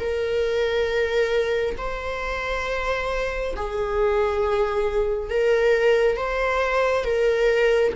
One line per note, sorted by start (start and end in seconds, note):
0.00 1.76 A#4
1.78 3.55 C5
3.57 5.31 G#4
5.31 6.17 A#4
6.17 7.05 C5
7.05 7.93 A#4